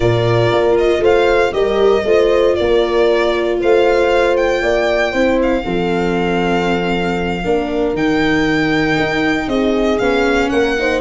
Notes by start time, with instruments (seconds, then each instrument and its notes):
0.00 tuba A#2, viola F4, horn A#4, violin D5
0.51 tuba A#3
0.78 violin D#5
0.99 tuba A3, horn C5, violin F5
1.51 tuba G3, viola G4, horn A#4, violin D#5
2.04 tuba A3, viola F4, horn C5
2.55 tuba A#3, horn A#4, violin D5
3.60 tuba A3, horn C5, violin F5
4.36 violin G5
4.62 tuba A#3, horn D5
5.12 tuba C4, viola E4, horn C5
5.42 violin F5
5.63 tuba F3, viola C4, horn A4
7.44 tuba A#3, viola D4, horn A#4
7.93 tuba D#3, viola D#4, violin G5
8.99 tuba D#4
9.47 tuba C4, horn G#4, violin D#5
9.98 tuba B3, viola C#4, violin F5
10.49 tuba A#3, horn A#4, violin F#5
10.78 viola D#4, horn C5